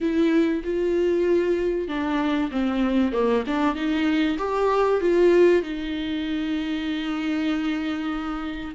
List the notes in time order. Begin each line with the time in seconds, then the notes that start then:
0.00 E4
0.64 F4
1.88 D4
2.51 C4
3.12 A#3
3.46 D4
3.75 D#4
4.38 G4
5.00 F4
5.62 D#4